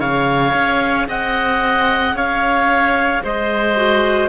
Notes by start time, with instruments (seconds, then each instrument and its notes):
0.00 cello C#3, clarinet G#4 F5, oboe C#5
0.54 cello C#4
1.08 cello C4, oboe D#5, clarinet F#5
2.14 cello C#4, oboe C#5, clarinet F5
3.24 cello G#3, oboe C5, clarinet D#5
3.76 clarinet F#4